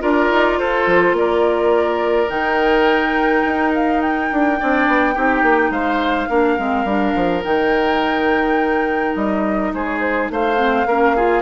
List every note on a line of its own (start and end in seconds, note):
0.00 0.30 D4
0.00 2.29 F4
0.00 0.59 A#4
0.00 0.59 D5
0.30 0.59 D#4
0.59 0.87 F4
0.59 1.17 A4
0.59 1.16 C5
0.87 1.13 F3
1.13 2.27 A#3
1.13 4.60 A#4
1.13 2.30 D5
2.29 3.44 D#3
2.29 4.58 D#4
2.29 3.73 G5
3.45 4.31 D#4
3.75 4.01 F5
4.01 5.72 G5
4.32 4.61 D4
4.59 4.88 C4
4.59 5.15 D4
4.59 5.15 D5
4.88 5.16 B3
5.15 5.42 C4
5.15 6.29 D#4
5.15 5.71 G4
5.42 5.70 A#3
5.70 6.27 G#3
5.70 6.29 C5
5.70 7.44 F5
6.29 6.59 A#3
6.29 6.58 D4
6.29 9.72 A#4
6.58 6.85 G#3
6.58 6.86 C4
6.85 7.13 G3
6.85 7.42 D4
7.16 7.44 F3
7.42 9.16 D#3
7.42 10.57 D#4
7.42 9.16 G5
9.16 9.73 G3
9.16 9.73 D#5
9.74 10.30 G#3
9.74 10.32 G#4
9.74 9.85 C5
9.85 9.99 C#5
10.00 10.29 C5
10.30 10.86 A3
10.30 10.87 C5
10.30 11.42 F5
10.57 10.85 C4
10.86 11.42 A#3
10.86 11.17 C#4
10.86 11.16 A#4
11.16 11.42 F4
11.16 11.42 G#4